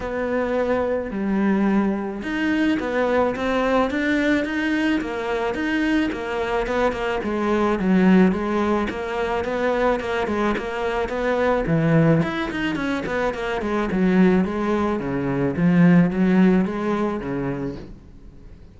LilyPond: \new Staff \with { instrumentName = "cello" } { \time 4/4 \tempo 4 = 108 b2 g2 | dis'4 b4 c'4 d'4 | dis'4 ais4 dis'4 ais4 | b8 ais8 gis4 fis4 gis4 |
ais4 b4 ais8 gis8 ais4 | b4 e4 e'8 dis'8 cis'8 b8 | ais8 gis8 fis4 gis4 cis4 | f4 fis4 gis4 cis4 | }